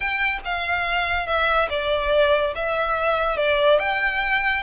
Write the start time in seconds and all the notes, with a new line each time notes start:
0.00 G5
0.44 F5
1.26 E5
1.69 D5
2.55 E5
3.36 D5
3.79 G5